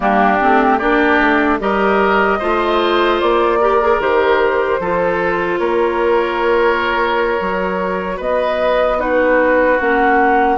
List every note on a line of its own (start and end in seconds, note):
0.00 0.40 G3
0.00 0.38 A#3
0.00 0.78 D4
0.00 0.78 G4
0.40 0.81 A3
0.40 0.80 C4
0.78 1.20 A#3
0.78 1.60 D4
0.78 1.58 G4
0.78 1.58 D5
1.20 1.60 A3
1.60 2.40 G3
1.60 2.40 G4
1.60 2.38 A#4
1.60 3.20 D#5
2.38 3.21 A3
2.38 3.61 F4
2.38 3.58 C5
3.20 3.99 A#3
3.20 4.00 D5
3.60 3.81 G4
3.60 4.80 A#4
3.81 4.00 G#4
3.99 4.79 D#3
3.99 4.80 G4
3.99 5.58 C5
4.79 5.59 F3
4.79 7.38 F4
4.79 5.59 A4
5.58 7.39 A#3
5.58 8.17 A#4
5.58 8.18 C#5
7.38 8.19 F#3
7.38 8.98 F#4
8.17 9.79 B3
8.17 8.96 B4
8.17 9.00 D#5
8.98 9.78 D#4
8.98 10.58 F#4
8.98 9.80 B4
9.79 10.58 A#3
9.79 10.58 C#4
9.79 10.58 F#5